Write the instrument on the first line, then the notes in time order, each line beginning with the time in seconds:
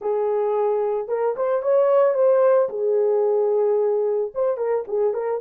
horn
0.01 G#4
1.08 A#4
1.36 C5
1.62 C#5
2.14 C5
2.69 G#4
4.34 C5
4.57 A#4
4.87 G#4
5.13 A#4